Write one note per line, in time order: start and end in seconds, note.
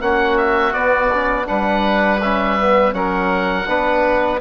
0.00 0.73 A#3
0.00 0.72 C#4
0.00 1.48 F#4
0.00 0.37 F#5
0.37 0.73 E5
0.72 1.09 B3
0.72 1.47 B3
0.72 1.46 D5
1.13 1.46 C#4
1.46 2.93 G3
1.46 2.19 D4
1.46 2.94 B4
1.46 2.20 F#5
2.21 2.59 C#4
2.21 2.93 E5
2.59 2.92 B3
2.92 3.66 F#3
2.92 3.65 C#4
2.92 3.68 A#4
2.92 4.40 F#5
3.67 4.40 B3
3.67 4.40 D4
3.67 4.40 B4